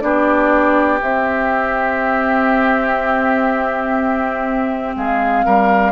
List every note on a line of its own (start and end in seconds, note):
0.00 1.01 B3
0.00 0.99 D4
0.00 4.95 G4
0.00 0.98 D5
1.01 4.95 C4
1.01 5.92 C4
1.01 4.95 E5
4.96 5.45 G#3
4.96 5.45 G#4
4.96 5.92 F5
5.45 5.92 G3
5.45 5.92 A#4